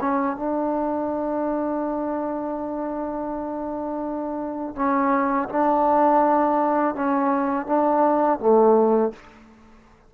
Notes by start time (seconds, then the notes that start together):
0.00 C#4
0.37 D4
4.75 C#4
5.49 D4
6.95 C#4
7.66 D4
8.39 A3